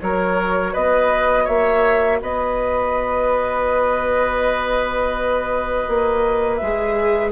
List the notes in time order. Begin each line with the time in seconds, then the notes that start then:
0.00 F#3 F#4 A#4 C#5
0.73 B3 B4 D#5
1.44 A#3 C#5 E5
2.21 B3 B4 D#5
5.88 A#3
6.56 G#3 E5
6.63 G#4